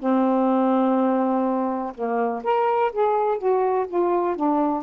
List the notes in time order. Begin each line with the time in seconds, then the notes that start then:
0.00 C4
1.95 A#3
2.44 A#4
2.93 G#4
3.38 F#4
3.88 F4
4.36 D4